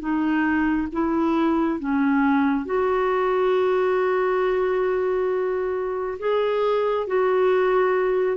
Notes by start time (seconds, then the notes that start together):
0.00 D#4
0.92 E4
1.80 C#4
2.66 F#4
6.19 G#4
7.07 F#4